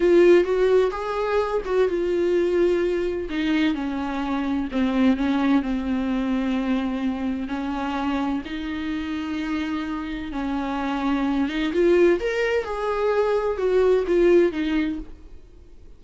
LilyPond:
\new Staff \with { instrumentName = "viola" } { \time 4/4 \tempo 4 = 128 f'4 fis'4 gis'4. fis'8 | f'2. dis'4 | cis'2 c'4 cis'4 | c'1 |
cis'2 dis'2~ | dis'2 cis'2~ | cis'8 dis'8 f'4 ais'4 gis'4~ | gis'4 fis'4 f'4 dis'4 | }